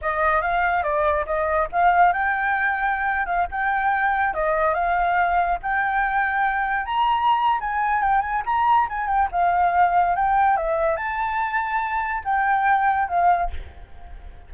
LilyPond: \new Staff \with { instrumentName = "flute" } { \time 4/4 \tempo 4 = 142 dis''4 f''4 d''4 dis''4 | f''4 g''2~ g''8. f''16~ | f''16 g''2 dis''4 f''8.~ | f''4~ f''16 g''2~ g''8.~ |
g''16 ais''4.~ ais''16 gis''4 g''8 gis''8 | ais''4 gis''8 g''8 f''2 | g''4 e''4 a''2~ | a''4 g''2 f''4 | }